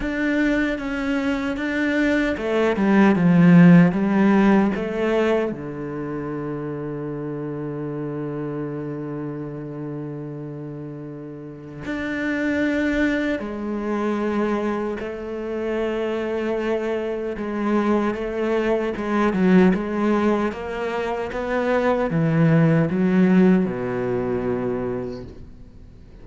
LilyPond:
\new Staff \with { instrumentName = "cello" } { \time 4/4 \tempo 4 = 76 d'4 cis'4 d'4 a8 g8 | f4 g4 a4 d4~ | d1~ | d2. d'4~ |
d'4 gis2 a4~ | a2 gis4 a4 | gis8 fis8 gis4 ais4 b4 | e4 fis4 b,2 | }